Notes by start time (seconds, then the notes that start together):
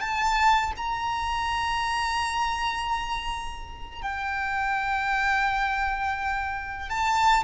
0.00 A5
0.77 A#5
4.02 G5
6.89 A5